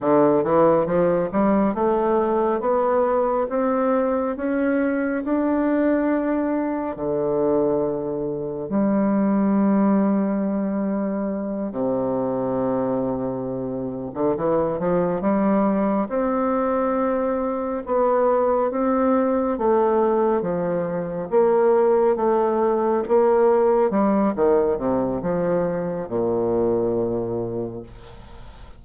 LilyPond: \new Staff \with { instrumentName = "bassoon" } { \time 4/4 \tempo 4 = 69 d8 e8 f8 g8 a4 b4 | c'4 cis'4 d'2 | d2 g2~ | g4. c2~ c8~ |
c16 d16 e8 f8 g4 c'4.~ | c'8 b4 c'4 a4 f8~ | f8 ais4 a4 ais4 g8 | dis8 c8 f4 ais,2 | }